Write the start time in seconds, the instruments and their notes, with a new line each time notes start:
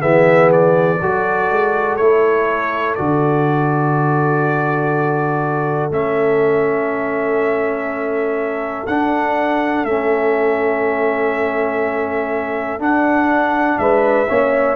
0.00 tuba E3, trombone B3, horn G#4, trumpet E5
0.52 trumpet D5
1.02 tuba F#3, trombone F#4, horn A4
1.51 tuba G#3
1.97 tuba A3, trombone E4, trumpet C#5
2.95 tuba D3, trombone F#4, trumpet D5
5.91 tuba A3, trombone C#4, trumpet E5
8.87 tuba D4, trombone D4, trumpet F#5
9.85 tuba A3, trombone C#4, trumpet E5
12.78 tuba D4, trombone D4, trumpet F#5
13.78 tuba G#3, horn B4, trumpet E5
14.29 tuba A#3, trombone C#4, horn C#5